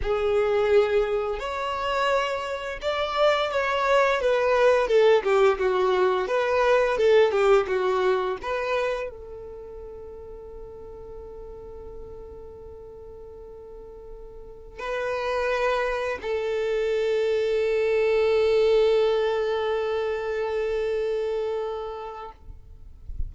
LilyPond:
\new Staff \with { instrumentName = "violin" } { \time 4/4 \tempo 4 = 86 gis'2 cis''2 | d''4 cis''4 b'4 a'8 g'8 | fis'4 b'4 a'8 g'8 fis'4 | b'4 a'2.~ |
a'1~ | a'4~ a'16 b'2 a'8.~ | a'1~ | a'1 | }